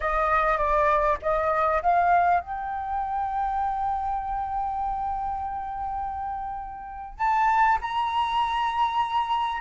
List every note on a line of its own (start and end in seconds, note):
0.00 0.57 D#5
0.57 1.17 D5
1.22 1.82 D#5
1.82 2.40 F5
2.40 7.18 G5
7.18 7.78 A5
7.81 9.61 A#5